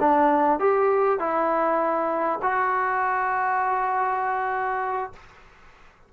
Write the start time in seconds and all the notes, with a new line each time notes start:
0.00 D4
0.59 G4
1.19 E4
2.42 F#4